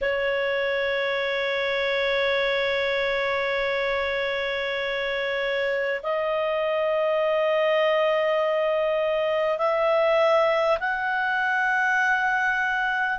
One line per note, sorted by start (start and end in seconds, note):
0.01 6.01 C#5
6.03 9.58 D#5
9.58 10.78 E5
10.79 13.18 F#5